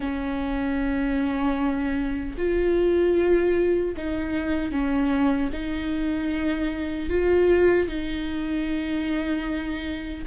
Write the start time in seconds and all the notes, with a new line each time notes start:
0.00 C#4
2.37 F4
3.97 D#4
4.71 C#4
5.52 D#4
7.09 F4
7.88 D#4